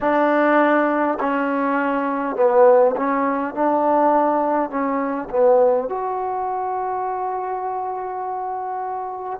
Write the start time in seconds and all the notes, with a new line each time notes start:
0.01 D4
1.20 C#4
2.36 B3
2.96 C#4
3.54 D4
4.70 C#4
5.29 B3
5.88 F#4